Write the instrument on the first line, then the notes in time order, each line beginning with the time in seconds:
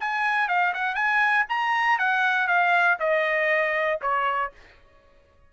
trumpet
0.00 G#5
0.48 F5
0.74 F#5
0.95 G#5
1.49 A#5
1.99 F#5
2.47 F5
3.00 D#5
4.02 C#5